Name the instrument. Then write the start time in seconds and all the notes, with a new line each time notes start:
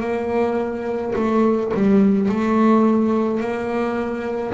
double bass
0.00 A#3
1.15 A3
1.73 G3
2.28 A3
3.40 A#3